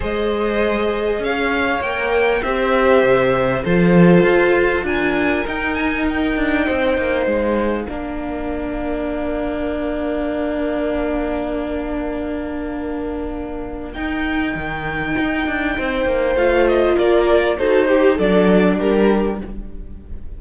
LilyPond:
<<
  \new Staff \with { instrumentName = "violin" } { \time 4/4 \tempo 4 = 99 dis''2 f''4 g''4 | e''2 c''2 | gis''4 g''8 gis''8 g''2 | f''1~ |
f''1~ | f''2. g''4~ | g''2. f''8 dis''8 | d''4 c''4 d''4 ais'4 | }
  \new Staff \with { instrumentName = "violin" } { \time 4/4 c''2 cis''2 | c''2 a'2 | ais'2. c''4~ | c''4 ais'2.~ |
ais'1~ | ais'1~ | ais'2 c''2 | ais'4 a'8 g'8 a'4 g'4 | }
  \new Staff \with { instrumentName = "viola" } { \time 4/4 gis'2. ais'4 | g'2 f'2~ | f'4 dis'2.~ | dis'4 d'2.~ |
d'1~ | d'2. dis'4~ | dis'2. f'4~ | f'4 fis'8 g'8 d'2 | }
  \new Staff \with { instrumentName = "cello" } { \time 4/4 gis2 cis'4 ais4 | c'4 c4 f4 f'4 | d'4 dis'4. d'8 c'8 ais8 | gis4 ais2.~ |
ais1~ | ais2. dis'4 | dis4 dis'8 d'8 c'8 ais8 a4 | ais4 dis'4 fis4 g4 | }
>>